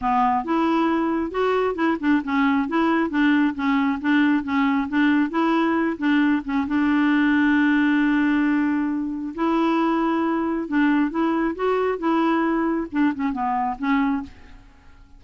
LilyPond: \new Staff \with { instrumentName = "clarinet" } { \time 4/4 \tempo 4 = 135 b4 e'2 fis'4 | e'8 d'8 cis'4 e'4 d'4 | cis'4 d'4 cis'4 d'4 | e'4. d'4 cis'8 d'4~ |
d'1~ | d'4 e'2. | d'4 e'4 fis'4 e'4~ | e'4 d'8 cis'8 b4 cis'4 | }